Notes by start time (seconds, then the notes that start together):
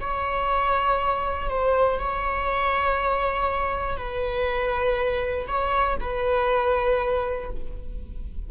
0.00 C#5
1.49 C5
1.99 C#5
3.96 B4
5.47 C#5
6.00 B4